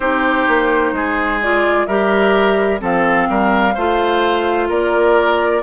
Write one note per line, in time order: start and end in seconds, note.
0.00 0.46 C4
0.00 1.41 D#4
0.00 0.94 G4
0.00 1.40 C5
0.47 0.92 A#3
0.92 1.86 G#3
0.92 1.87 G#4
1.41 1.88 F4
1.41 1.86 D5
1.86 2.81 G3
1.86 2.79 G4
1.86 2.80 A#4
1.86 2.79 E5
2.79 3.28 F3
2.79 3.72 C4
2.79 3.28 A4
2.79 4.70 F5
3.29 3.75 G3
3.29 3.74 A#4
3.74 4.69 A3
3.74 5.62 F4
3.74 4.68 C5
4.68 5.62 A#3
4.68 5.62 A#4
4.68 5.62 D5